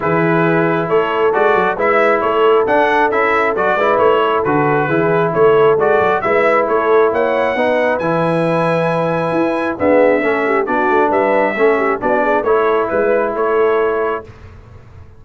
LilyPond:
<<
  \new Staff \with { instrumentName = "trumpet" } { \time 4/4 \tempo 4 = 135 b'2 cis''4 d''4 | e''4 cis''4 fis''4 e''4 | d''4 cis''4 b'2 | cis''4 d''4 e''4 cis''4 |
fis''2 gis''2~ | gis''2 e''2 | d''4 e''2 d''4 | cis''4 b'4 cis''2 | }
  \new Staff \with { instrumentName = "horn" } { \time 4/4 gis'2 a'2 | b'4 a'2.~ | a'8 b'4 a'4. gis'4 | a'2 b'4 a'4 |
cis''4 b'2.~ | b'2 gis'4 a'8 g'8 | fis'4 b'4 a'8 g'8 fis'8 gis'8 | a'4 b'4 a'2 | }
  \new Staff \with { instrumentName = "trombone" } { \time 4/4 e'2. fis'4 | e'2 d'4 e'4 | fis'8 e'4. fis'4 e'4~ | e'4 fis'4 e'2~ |
e'4 dis'4 e'2~ | e'2 b4 cis'4 | d'2 cis'4 d'4 | e'1 | }
  \new Staff \with { instrumentName = "tuba" } { \time 4/4 e2 a4 gis8 fis8 | gis4 a4 d'4 cis'4 | fis8 gis8 a4 d4 e4 | a4 gis8 fis8 gis4 a4 |
ais4 b4 e2~ | e4 e'4 d'4 a4 | b8 a8 g4 a4 b4 | a4 gis4 a2 | }
>>